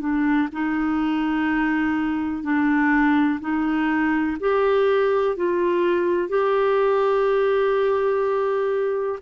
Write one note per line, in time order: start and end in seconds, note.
0.00 0.48 D4
0.53 2.43 D#4
2.43 3.40 D4
3.41 4.38 D#4
4.40 5.37 G4
5.37 6.29 F4
6.29 9.19 G4